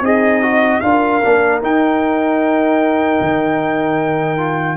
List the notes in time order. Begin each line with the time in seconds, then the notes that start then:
0.00 C4 D#4 G#4 D#5
0.42 F#4
0.80 D4 F4 A#4 F5
1.22 A#3 D4
1.61 D#4 G5
3.21 D#3
4.37 F4